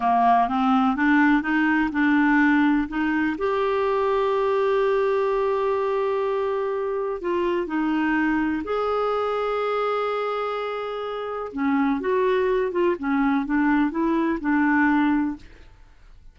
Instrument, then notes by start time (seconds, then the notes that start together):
clarinet
0.00 A#3
0.48 C4
0.96 D4
1.42 D#4
1.92 D4
2.88 D#4
3.38 G4
7.21 F4
7.67 D#4
8.64 G#4
11.52 C#4
12.00 F#4
12.71 F4
12.98 C#4
13.45 D4
13.90 E4
14.40 D4